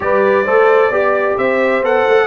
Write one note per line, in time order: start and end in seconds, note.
0.00 0.46 G3
0.00 0.45 G4
0.00 0.44 B4
0.00 1.37 D5
0.44 0.90 A3
0.44 0.92 A4
0.44 0.89 C5
0.89 1.36 B3
0.89 1.83 G4
0.89 1.35 D5
1.36 1.82 C4
1.36 2.26 C5
1.36 1.83 E5
1.82 2.05 B3
1.82 2.26 A4
1.82 2.26 F#5
2.08 2.26 A3